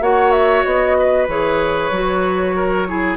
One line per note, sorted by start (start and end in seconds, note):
0.00 0.63 A#3
0.00 1.27 F#4
0.00 0.97 C#5
0.00 0.31 F#5
0.31 0.63 E5
0.64 1.28 B3
0.64 1.27 D#5
0.99 2.56 B4
1.28 1.91 E3
1.28 1.92 G#4
1.28 3.17 C#5
1.91 3.17 F#3
1.91 2.87 F#4
2.56 2.87 A#4
2.87 3.17 E4
2.87 3.17 G#4